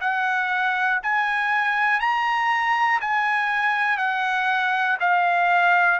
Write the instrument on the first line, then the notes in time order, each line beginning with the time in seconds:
trumpet
0.00 F#5
1.02 G#5
2.00 A#5
3.00 G#5
3.97 F#5
5.00 F5